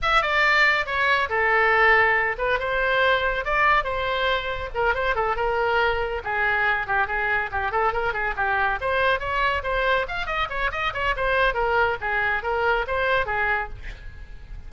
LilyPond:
\new Staff \with { instrumentName = "oboe" } { \time 4/4 \tempo 4 = 140 e''8 d''4. cis''4 a'4~ | a'4. b'8 c''2 | d''4 c''2 ais'8 c''8 | a'8 ais'2 gis'4. |
g'8 gis'4 g'8 a'8 ais'8 gis'8 g'8~ | g'8 c''4 cis''4 c''4 f''8 | dis''8 cis''8 dis''8 cis''8 c''4 ais'4 | gis'4 ais'4 c''4 gis'4 | }